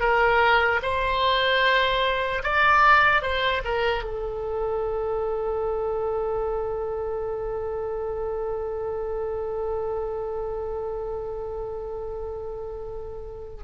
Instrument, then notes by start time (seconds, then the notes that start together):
oboe
0.00 A#4
0.82 C5
2.43 D5
3.22 C5
3.64 A#4
4.03 A4